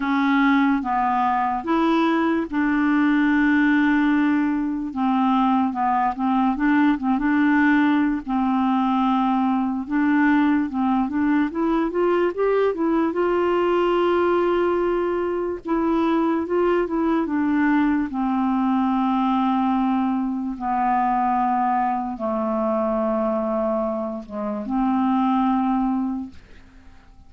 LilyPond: \new Staff \with { instrumentName = "clarinet" } { \time 4/4 \tempo 4 = 73 cis'4 b4 e'4 d'4~ | d'2 c'4 b8 c'8 | d'8 c'16 d'4~ d'16 c'2 | d'4 c'8 d'8 e'8 f'8 g'8 e'8 |
f'2. e'4 | f'8 e'8 d'4 c'2~ | c'4 b2 a4~ | a4. gis8 c'2 | }